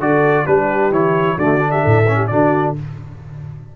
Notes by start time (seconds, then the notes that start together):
0.00 D3 F#4 A4 D5
0.44 G3 D4 G4 B4
0.91 E3 E4 C#5
1.36 D3 A3 F#4 D5
1.59 D4
1.71 G4 E5
1.82 A2 A4
2.08 C#4
2.16 G4
2.27 D3 D4 F#4 D5